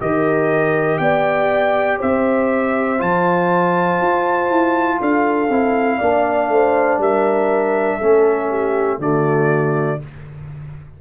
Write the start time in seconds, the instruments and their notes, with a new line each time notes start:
0.00 tuba D#3, trombone G4, horn A#4, trumpet D#5
0.99 tuba B3, horn D5, trumpet G5
1.99 tuba C4, horn C5, trumpet E5
2.98 tuba F3, trombone F4, trumpet A5
4.01 tuba F4
4.51 tuba E4
5.00 tuba D4, horn A4, trumpet F5
5.50 tuba C4, trombone E4
5.98 tuba A#3, trombone D4, horn D5
6.49 tuba A3, horn C5
6.98 tuba G3, horn A#4, trumpet E5
7.98 tuba A3, trombone C#4, horn A4
8.50 horn G4
8.99 tuba D3, trombone A3, horn F#4, trumpet D5